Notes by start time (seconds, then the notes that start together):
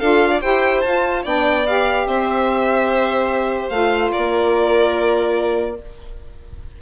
0.00 D4 F4 A4 F5
0.31 D5
0.41 E4 G4 C5 G5
0.81 F4 A5
1.23 B3 D4 D5 G5
1.67 G4 F5
2.07 C4 C5 E5
3.69 A3 F4 F5
4.12 A#3 A#4 D5